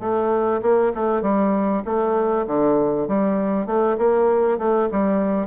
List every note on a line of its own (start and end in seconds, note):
0.00 0.61 A3
0.62 0.92 A#3
0.95 1.22 A3
1.22 1.83 G3
1.85 2.46 A3
2.47 3.08 D3
3.08 3.66 G3
3.66 3.97 A3
3.98 4.58 A#3
4.58 4.89 A3
4.91 5.47 G3